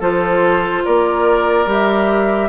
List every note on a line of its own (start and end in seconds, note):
0.00 0.84 F3
0.00 1.67 F4
0.00 0.83 A4
0.00 0.85 C5
0.85 1.66 A#3
0.85 2.49 A#4
0.85 1.69 D5
1.66 2.49 G3
1.66 2.49 G4
1.66 2.49 E5